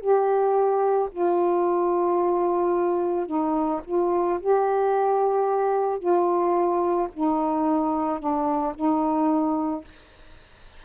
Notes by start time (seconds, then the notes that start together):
0.00 G4
1.12 F4
3.26 D#4
3.85 F4
4.40 G4
5.99 F4
7.14 D#4
8.19 D4
8.75 D#4